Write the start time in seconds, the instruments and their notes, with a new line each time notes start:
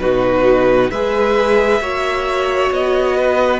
0.00 cello B2, viola D#4, violin F#4 B4
0.91 cello G#3, viola G#4, violin B4 E5
1.80 cello A#3, viola F#4, violin C#5
2.71 cello B3, violin D#5
3.17 violin B4